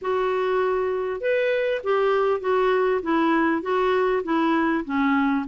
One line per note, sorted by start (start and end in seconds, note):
0.01 1.20 F#4
1.20 1.81 B4
1.83 2.40 G4
2.40 3.01 F#4
3.02 3.62 E4
3.62 4.22 F#4
4.23 4.84 E4
4.85 5.45 C#4